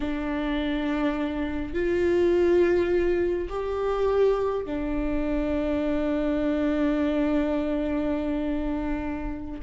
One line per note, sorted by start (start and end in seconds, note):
0.00 1.73 D4
1.73 3.48 F4
3.49 4.65 G4
4.65 9.60 D4